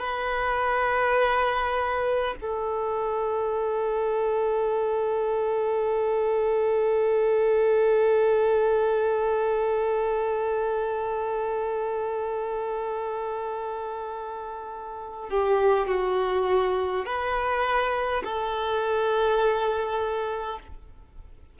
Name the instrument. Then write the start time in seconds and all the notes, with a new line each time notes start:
violin
0.00 B4
2.41 A4
15.30 G4
15.88 F#4
17.05 B4
18.24 A4